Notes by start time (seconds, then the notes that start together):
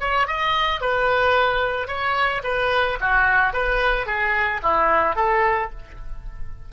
0.00 C#5
0.27 D#5
0.81 B4
1.88 C#5
2.44 B4
3.01 F#4
3.54 B4
4.07 G#4
4.63 E4
5.16 A4